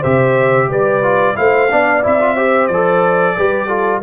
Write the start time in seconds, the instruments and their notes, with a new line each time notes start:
0.00 tuba C3, trombone G4, horn C5, trumpet E5
0.69 tuba G3, horn B4, trumpet D5
1.03 trombone F4
1.36 tuba A3, trombone E4, horn C5, trumpet F5
1.71 tuba B3, trombone D4, horn D5
2.03 tuba C4, trombone E4, trumpet E5
2.21 trombone F4
2.36 trombone G4, horn C5
2.67 tuba F3, trombone A4, trumpet D5
3.37 tuba G3, trombone G4, horn B4
3.68 trombone F4, horn A4